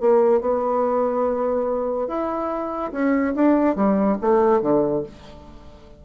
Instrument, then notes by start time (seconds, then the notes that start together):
bassoon
0.00 A#3
0.41 B3
2.08 E4
2.92 C#4
3.35 D4
3.76 G3
4.21 A3
4.61 D3